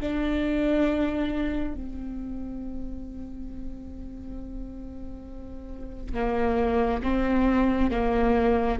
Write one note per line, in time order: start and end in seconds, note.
0.00 1.74 D4
1.74 6.14 C4
6.14 7.02 A#3
7.03 7.91 C4
7.91 8.79 A#3